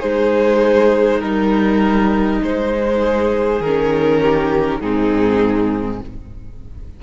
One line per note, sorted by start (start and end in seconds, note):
0.00 1.22 G#3
0.00 3.00 D#4
0.00 1.20 G#4
0.00 1.21 C5
1.21 2.42 G3
1.21 3.63 D#4
1.21 2.41 A#4
2.43 3.60 G#3
2.43 3.62 C5
3.00 4.20 G#4
3.60 4.80 D#3
3.60 4.83 C#4
3.60 4.81 A#4
4.22 4.80 G4
4.80 6.02 G#2
4.80 6.03 C4
4.80 6.00 D#4
4.80 6.01 G#4